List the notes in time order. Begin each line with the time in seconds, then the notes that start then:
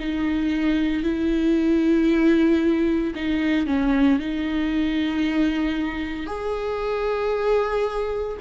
0.00 D#4
1.04 E4
3.16 D#4
3.67 C#4
4.20 D#4
6.27 G#4